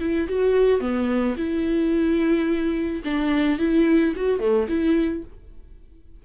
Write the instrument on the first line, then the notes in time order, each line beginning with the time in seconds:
viola
0.00 E4
0.29 F#4
0.81 B3
1.37 E4
3.04 D4
3.59 E4
4.16 F#4
4.40 A3
4.68 E4